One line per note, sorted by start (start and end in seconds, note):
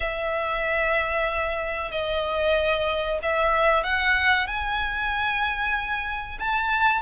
0.00 1.91 E5
1.91 3.19 D#5
3.22 3.83 E5
3.83 4.47 F#5
4.47 6.38 G#5
6.39 7.02 A5